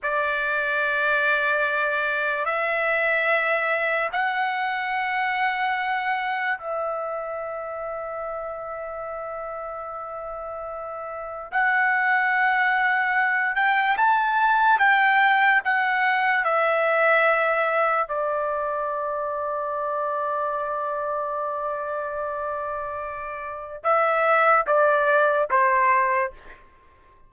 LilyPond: \new Staff \with { instrumentName = "trumpet" } { \time 4/4 \tempo 4 = 73 d''2. e''4~ | e''4 fis''2. | e''1~ | e''2 fis''2~ |
fis''8 g''8 a''4 g''4 fis''4 | e''2 d''2~ | d''1~ | d''4 e''4 d''4 c''4 | }